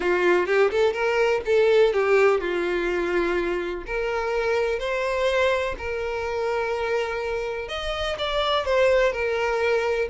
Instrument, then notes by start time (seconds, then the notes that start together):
violin
0.00 F4
0.46 G4
0.70 A4
0.93 A#4
1.45 A4
1.93 G4
2.40 F4
3.86 A#4
4.79 C5
5.77 A#4
7.68 D#5
8.18 D5
8.65 C5
9.12 A#4